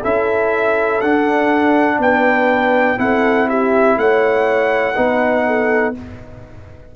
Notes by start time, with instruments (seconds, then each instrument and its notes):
0.00 tuba C#4, trombone E4, horn A4, trumpet E5
1.02 tuba D4, trombone D4, trumpet F#5
1.99 tuba B3, horn B4, trumpet G5
2.98 tuba C4, trombone E4, horn A4, trumpet F#5
3.48 horn G4, trumpet E5
3.97 tuba A3, horn C#5, trumpet F#5
4.96 tuba B3, trombone D#4, horn B4
5.47 horn A4